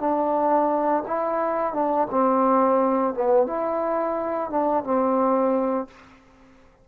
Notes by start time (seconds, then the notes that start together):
0.00 D4
1.07 E4
1.73 D4
2.11 C4
3.14 B3
3.47 E4
4.50 D4
4.84 C4